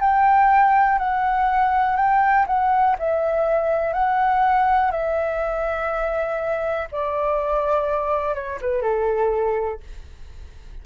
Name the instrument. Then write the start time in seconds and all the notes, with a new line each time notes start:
flute
0.00 G5
0.98 F#5
1.96 G5
2.46 F#5
2.98 E5
3.93 F#5
4.91 E5
6.91 D5
8.34 C#5
8.61 B4
8.81 A4